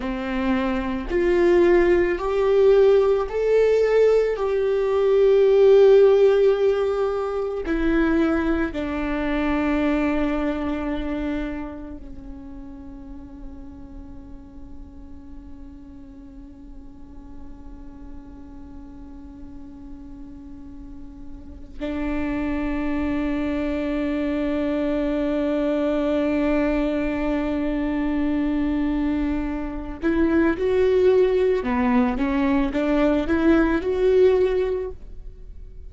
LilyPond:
\new Staff \with { instrumentName = "viola" } { \time 4/4 \tempo 4 = 55 c'4 f'4 g'4 a'4 | g'2. e'4 | d'2. cis'4~ | cis'1~ |
cis'1 | d'1~ | d'2.~ d'8 e'8 | fis'4 b8 cis'8 d'8 e'8 fis'4 | }